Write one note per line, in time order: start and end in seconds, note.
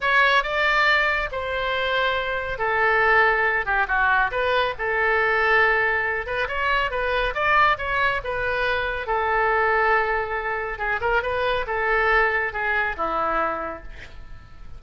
0.01 0.43 C#5
0.43 1.29 D5
1.31 2.58 C5
2.58 3.65 A4
3.65 3.87 G4
3.87 4.30 F#4
4.31 4.74 B4
4.78 6.26 A4
6.26 6.47 B4
6.48 6.90 C#5
6.90 7.34 B4
7.34 7.77 D5
7.78 8.21 C#5
8.23 9.06 B4
9.06 10.78 A4
10.78 11.00 G#4
11.01 11.22 A#4
11.22 11.65 B4
11.66 12.52 A4
12.52 12.95 G#4
12.96 13.82 E4